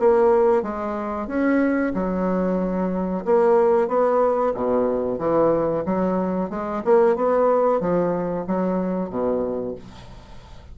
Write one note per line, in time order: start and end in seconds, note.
0.00 0.63 A#3
0.63 1.28 G#3
1.28 1.93 C#4
1.94 3.25 F#3
3.25 3.88 A#3
3.88 4.53 B3
4.54 5.19 B2
5.19 5.84 E3
5.86 6.50 F#3
6.50 6.83 G#3
6.85 7.16 A#3
7.16 7.81 B3
7.81 8.46 F3
8.47 9.10 F#3
9.10 9.75 B2